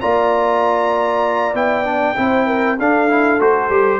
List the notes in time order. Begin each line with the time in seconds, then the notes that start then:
0.00 A#3 F4 D5 A#5
1.53 B3 E4 G5
1.84 D4
2.15 C4 E4 C5
2.46 A#4
2.78 D4 A4 F5
3.09 E4
3.39 A3 F#4 C5
3.70 G3 G4